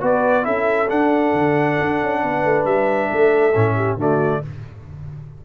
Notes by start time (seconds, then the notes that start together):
0.00 B3 F#4 B4 D5
0.43 C#4 E4 A4 E5
0.88 D4 F#5
1.33 D3
1.81 D4
2.02 C#4
2.22 B3 B4
2.45 A3
2.65 G3 E5
3.10 A3 A4
3.55 A2 C#4
3.75 G4
3.96 D3 A3 F#4 D5